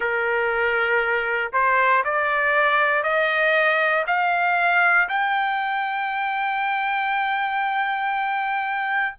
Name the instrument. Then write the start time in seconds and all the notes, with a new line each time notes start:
trumpet
0.00 A#4
1.53 C5
2.04 D5
3.03 D#5
4.06 F5
5.08 G5